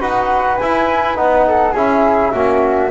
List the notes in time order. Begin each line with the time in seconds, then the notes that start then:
0.00 D#4 F#4 B4 F#5
0.57 E4 G#5
1.16 B3 D#4 F#5
1.47 A4
1.72 C#4 E4 G#4 E5
2.31 A#3 C#4 F#4